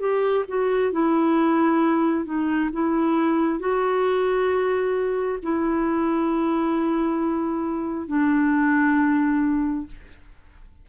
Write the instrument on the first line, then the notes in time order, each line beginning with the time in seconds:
clarinet
0.00 G4
0.48 F#4
0.92 E4
2.25 D#4
2.73 E4
3.59 F#4
5.43 E4
8.08 D4